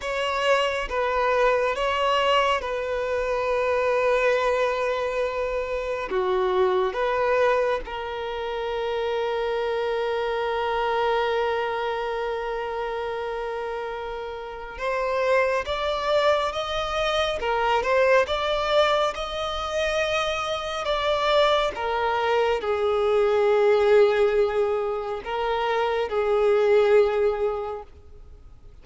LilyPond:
\new Staff \with { instrumentName = "violin" } { \time 4/4 \tempo 4 = 69 cis''4 b'4 cis''4 b'4~ | b'2. fis'4 | b'4 ais'2.~ | ais'1~ |
ais'4 c''4 d''4 dis''4 | ais'8 c''8 d''4 dis''2 | d''4 ais'4 gis'2~ | gis'4 ais'4 gis'2 | }